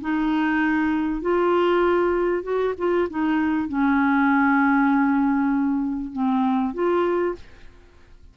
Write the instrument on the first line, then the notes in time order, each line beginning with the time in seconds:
clarinet
0.00 D#4
1.21 F4
2.43 F#4
2.77 F4
3.09 D#4
3.68 C#4
6.12 C4
6.73 F4